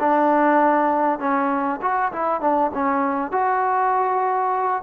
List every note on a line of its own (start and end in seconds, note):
0.00 1.20 D4
1.20 1.80 C#4
1.82 2.12 F#4
2.13 2.41 E4
2.41 2.71 D4
2.74 3.32 C#4
3.32 4.83 F#4